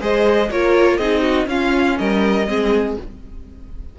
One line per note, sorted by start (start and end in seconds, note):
0.00 0.50 G#3
0.00 0.49 G#4
0.00 0.49 C5
0.00 0.50 D#5
0.50 0.98 A#3
0.50 1.00 F4
0.50 0.98 A#4
0.50 0.97 C#5
0.97 1.46 C4
0.97 1.47 D#4
0.97 1.22 G#4
0.97 1.46 D#5
1.22 1.47 F#4
1.46 1.95 C#4
1.46 2.45 C#4
1.46 1.99 F4
1.46 1.97 F5
1.97 2.47 G3
1.97 2.48 A#4
1.97 2.96 D#5
2.47 2.97 G#3
2.47 2.96 C4
2.47 2.98 G#4